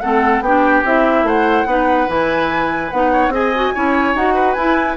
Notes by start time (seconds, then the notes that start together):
0.00 A3 C4 A4 F#5
0.40 B3 D4 G4 G5
0.84 C4 E4 E5
1.23 A3 C5 F#5
1.66 B3 D#4 B4
2.07 E3 E4 G#5
2.90 B3 D#4 F#5
3.12 C#5
3.28 C4 G#4 D#5
3.34 G#5
3.55 F#4
3.74 C#4 E4 C#5
4.14 D#4 F#4 F#5
4.34 B4
4.53 E4 G#5